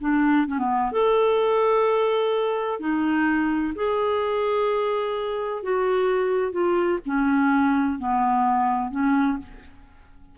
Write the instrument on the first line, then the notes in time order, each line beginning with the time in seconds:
clarinet
0.00 D4
0.47 C#4
0.58 B3
0.92 A4
2.79 D#4
3.75 G#4
5.62 F#4
6.51 F4
7.05 C#4
7.98 B3
8.91 C#4